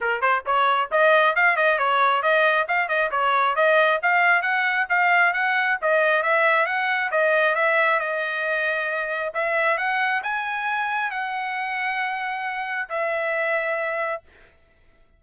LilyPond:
\new Staff \with { instrumentName = "trumpet" } { \time 4/4 \tempo 4 = 135 ais'8 c''8 cis''4 dis''4 f''8 dis''8 | cis''4 dis''4 f''8 dis''8 cis''4 | dis''4 f''4 fis''4 f''4 | fis''4 dis''4 e''4 fis''4 |
dis''4 e''4 dis''2~ | dis''4 e''4 fis''4 gis''4~ | gis''4 fis''2.~ | fis''4 e''2. | }